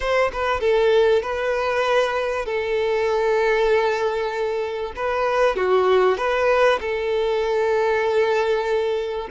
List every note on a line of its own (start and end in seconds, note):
0.00 0.31 C5
0.32 0.60 B4
0.60 1.22 A4
1.22 2.45 B4
2.45 4.93 A4
4.95 5.56 B4
5.56 6.17 F#4
6.17 6.79 B4
6.80 9.28 A4